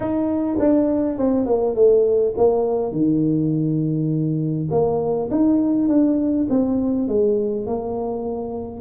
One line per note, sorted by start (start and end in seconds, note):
0.00 0.57 D#4
0.59 1.18 D4
1.18 1.45 C4
1.45 1.75 A#3
1.75 2.34 A3
2.37 2.91 A#3
2.91 4.68 D#3
4.70 5.29 A#3
5.30 5.88 D#4
5.88 6.47 D4
6.49 7.08 C4
7.08 7.66 G#3
7.66 8.80 A#3